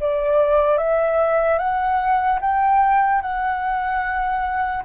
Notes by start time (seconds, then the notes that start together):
0.00 D5
0.77 E5
1.58 F#5
2.41 G5
3.21 F#5